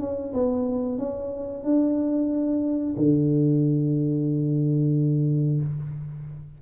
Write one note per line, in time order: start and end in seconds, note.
0.00 0.33 C#4
0.34 0.98 B3
0.98 1.64 C#4
1.64 2.96 D4
2.97 5.60 D3